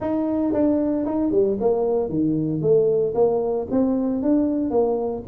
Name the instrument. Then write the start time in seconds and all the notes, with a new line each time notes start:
tuba
0.00 D#4
0.53 D4
1.05 D#4
1.31 G3
1.60 A#3
2.09 D#3
2.61 A3
3.14 A#3
3.71 C4
4.22 D4
4.70 A#3